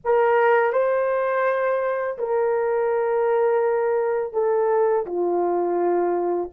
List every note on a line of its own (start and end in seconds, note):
0.04 0.72 A#4
0.72 2.17 C5
2.18 4.33 A#4
4.33 5.05 A4
5.05 6.50 F4